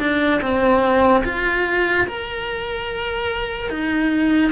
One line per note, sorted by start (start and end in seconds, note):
0.00 0.41 D4
0.41 1.24 C4
1.25 2.07 F4
2.07 3.70 A#4
3.70 4.52 D#4